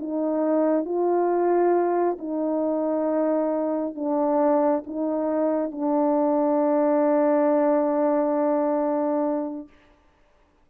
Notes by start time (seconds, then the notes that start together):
0.00 D#4
0.85 F4
2.19 D#4
3.95 D4
4.87 D#4
5.72 D4